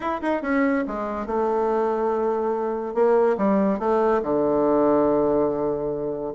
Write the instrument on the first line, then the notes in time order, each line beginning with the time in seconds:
bassoon
0.00 E4
0.21 D#4
0.42 C#4
0.87 G#3
1.26 A3
2.94 A#3
3.37 G3
3.79 A3
4.22 D3